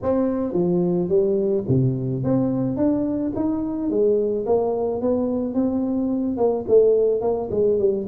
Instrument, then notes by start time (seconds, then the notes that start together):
tuba
0.02 C4
0.53 F3
1.08 G3
1.68 C3
2.23 C4
2.77 D4
3.35 D#4
3.90 G#3
4.45 A#3
5.01 B3
5.54 C4
6.37 A#3
6.68 A3
7.21 A#3
7.51 G#3
7.79 G3